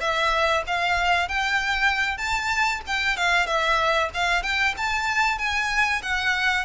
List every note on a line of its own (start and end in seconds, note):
0.00 0.63 E5
0.67 1.28 F5
1.28 2.18 G5
2.18 2.81 A5
2.87 3.17 G5
3.17 3.46 F5
3.46 4.09 E5
4.14 4.43 F5
4.43 4.74 G5
4.77 5.38 A5
5.38 6.01 G#5
6.02 6.65 F#5